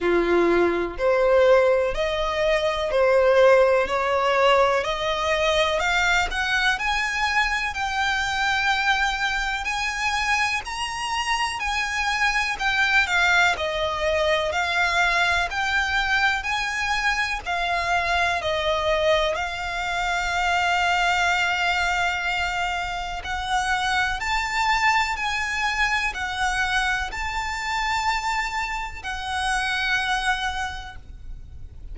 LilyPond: \new Staff \with { instrumentName = "violin" } { \time 4/4 \tempo 4 = 62 f'4 c''4 dis''4 c''4 | cis''4 dis''4 f''8 fis''8 gis''4 | g''2 gis''4 ais''4 | gis''4 g''8 f''8 dis''4 f''4 |
g''4 gis''4 f''4 dis''4 | f''1 | fis''4 a''4 gis''4 fis''4 | a''2 fis''2 | }